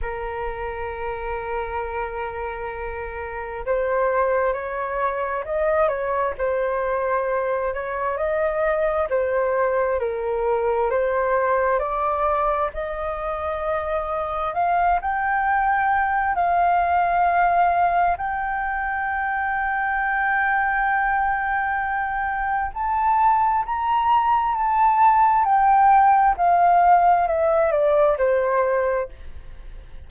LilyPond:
\new Staff \with { instrumentName = "flute" } { \time 4/4 \tempo 4 = 66 ais'1 | c''4 cis''4 dis''8 cis''8 c''4~ | c''8 cis''8 dis''4 c''4 ais'4 | c''4 d''4 dis''2 |
f''8 g''4. f''2 | g''1~ | g''4 a''4 ais''4 a''4 | g''4 f''4 e''8 d''8 c''4 | }